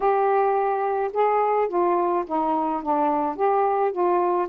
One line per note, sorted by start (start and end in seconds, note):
0.00 1.11 G4
1.13 1.68 G#4
1.68 2.24 F4
2.27 2.82 D#4
2.82 3.35 D4
3.35 3.92 G4
3.92 4.48 F4